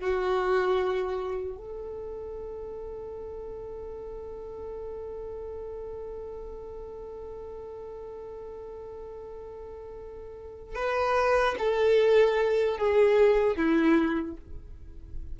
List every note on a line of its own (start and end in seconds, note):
0.00 1.57 F#4
1.57 10.75 A4
10.75 11.55 B4
11.59 12.78 A4
12.78 13.56 G#4
13.56 14.36 E4